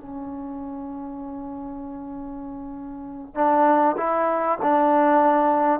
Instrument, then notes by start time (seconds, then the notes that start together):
trombone
0.00 C#4
3.35 D4
3.97 E4
4.62 D4